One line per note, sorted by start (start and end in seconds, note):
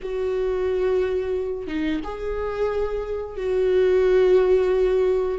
0.02 1.67 F#4
1.67 2.00 D#4
2.03 3.36 G#4
3.36 5.38 F#4